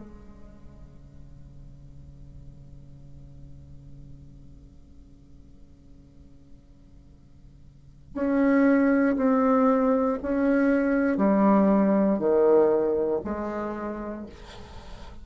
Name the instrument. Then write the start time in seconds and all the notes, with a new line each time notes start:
bassoon
0.00 C#3
8.14 C#4
9.17 C4
10.22 C#4
11.17 G3
12.18 D#3
13.24 G#3